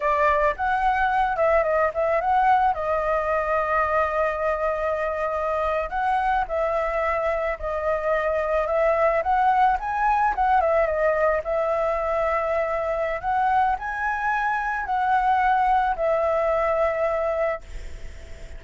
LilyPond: \new Staff \with { instrumentName = "flute" } { \time 4/4 \tempo 4 = 109 d''4 fis''4. e''8 dis''8 e''8 | fis''4 dis''2.~ | dis''2~ dis''8. fis''4 e''16~ | e''4.~ e''16 dis''2 e''16~ |
e''8. fis''4 gis''4 fis''8 e''8 dis''16~ | dis''8. e''2.~ e''16 | fis''4 gis''2 fis''4~ | fis''4 e''2. | }